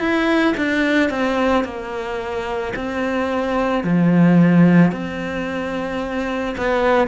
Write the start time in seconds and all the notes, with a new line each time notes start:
0.00 E4
0.57 D4
1.10 C4
1.65 A#3
2.76 C4
3.84 F3
4.92 C4
6.58 B3